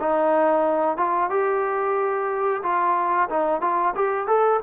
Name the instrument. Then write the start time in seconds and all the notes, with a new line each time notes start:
trombone
0.00 D#4
0.97 F4
1.30 G4
2.63 F4
3.29 D#4
3.61 F4
3.95 G4
4.27 A4